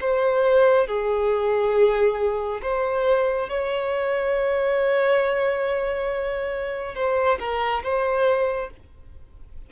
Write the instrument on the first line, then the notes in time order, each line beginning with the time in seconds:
violin
0.00 C5
0.87 G#4
2.62 C5
3.49 C#5
6.95 C5
7.39 A#4
7.83 C5